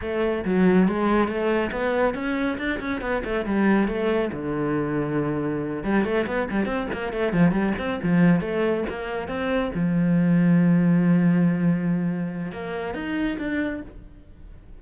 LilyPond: \new Staff \with { instrumentName = "cello" } { \time 4/4 \tempo 4 = 139 a4 fis4 gis4 a4 | b4 cis'4 d'8 cis'8 b8 a8 | g4 a4 d2~ | d4. g8 a8 b8 g8 c'8 |
ais8 a8 f8 g8 c'8 f4 a8~ | a8 ais4 c'4 f4.~ | f1~ | f4 ais4 dis'4 d'4 | }